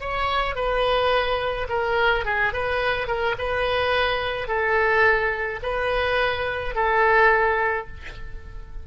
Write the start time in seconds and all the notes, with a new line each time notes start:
0.00 C#5
0.55 B4
1.69 A#4
2.25 G#4
2.53 B4
3.07 A#4
3.38 B4
4.48 A4
5.63 B4
6.75 A4